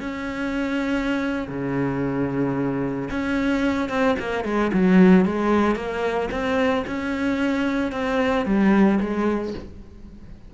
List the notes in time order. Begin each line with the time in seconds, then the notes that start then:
0.00 C#4
1.48 C#3
3.10 C#4
3.89 C4
4.19 A#3
4.44 G#3
4.73 F#3
5.25 G#3
5.76 A#3
6.31 C4
6.86 C#4
7.92 C4
8.45 G3
9.00 G#3